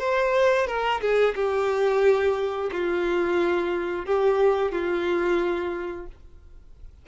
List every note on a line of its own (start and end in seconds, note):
0.00 0.67 C5
0.67 1.01 A#4
1.01 1.35 G#4
1.36 2.71 G4
2.72 4.06 F4
4.06 4.72 G4
4.72 6.07 F4